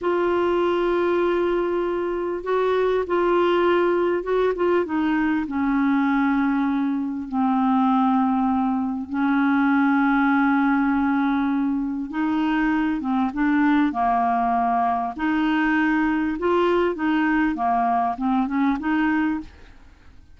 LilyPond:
\new Staff \with { instrumentName = "clarinet" } { \time 4/4 \tempo 4 = 99 f'1 | fis'4 f'2 fis'8 f'8 | dis'4 cis'2. | c'2. cis'4~ |
cis'1 | dis'4. c'8 d'4 ais4~ | ais4 dis'2 f'4 | dis'4 ais4 c'8 cis'8 dis'4 | }